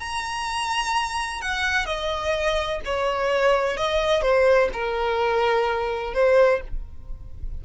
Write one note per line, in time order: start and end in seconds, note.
0.00 1.42 A#5
1.42 1.86 F#5
1.86 2.81 D#5
2.85 3.77 C#5
3.77 4.22 D#5
4.22 4.69 C5
4.73 6.14 A#4
6.14 6.61 C5